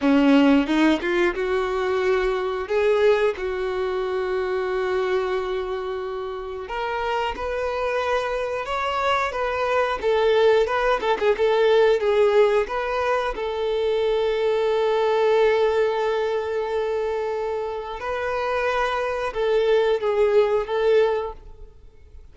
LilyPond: \new Staff \with { instrumentName = "violin" } { \time 4/4 \tempo 4 = 90 cis'4 dis'8 f'8 fis'2 | gis'4 fis'2.~ | fis'2 ais'4 b'4~ | b'4 cis''4 b'4 a'4 |
b'8 a'16 gis'16 a'4 gis'4 b'4 | a'1~ | a'2. b'4~ | b'4 a'4 gis'4 a'4 | }